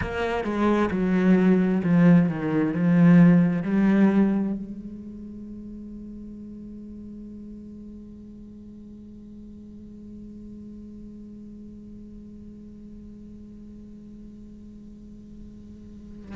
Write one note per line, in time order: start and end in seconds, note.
0.01 0.44 A#3
0.44 0.89 G#3
0.90 1.81 F#3
1.83 2.29 F3
2.29 2.73 D#3
2.73 3.62 F3
3.62 4.53 G3
4.53 16.35 G#3